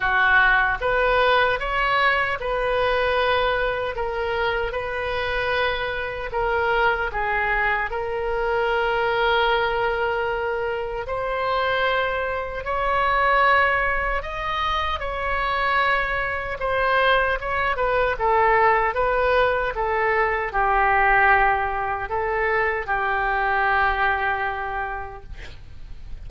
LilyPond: \new Staff \with { instrumentName = "oboe" } { \time 4/4 \tempo 4 = 76 fis'4 b'4 cis''4 b'4~ | b'4 ais'4 b'2 | ais'4 gis'4 ais'2~ | ais'2 c''2 |
cis''2 dis''4 cis''4~ | cis''4 c''4 cis''8 b'8 a'4 | b'4 a'4 g'2 | a'4 g'2. | }